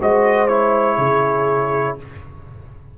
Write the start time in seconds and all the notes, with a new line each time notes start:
0.00 G#3 F#4 C5 D#5
0.48 E4 C#5
0.97 C#3 G#4